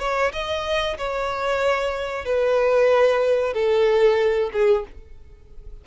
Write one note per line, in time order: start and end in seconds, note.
0.00 0.32 C#5
0.33 0.98 D#5
0.98 2.26 C#5
2.26 3.54 B4
3.54 4.51 A4
4.53 4.85 G#4